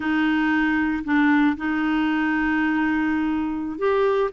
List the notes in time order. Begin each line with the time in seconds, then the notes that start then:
0.00 D#4
1.04 D4
1.57 D#4
3.78 G4